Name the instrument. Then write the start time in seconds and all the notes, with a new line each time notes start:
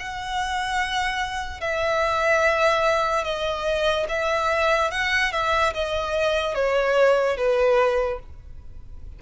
violin
0.00 F#5
1.61 E5
3.25 D#5
4.09 E5
4.91 F#5
5.33 E5
5.74 D#5
6.55 C#5
7.38 B4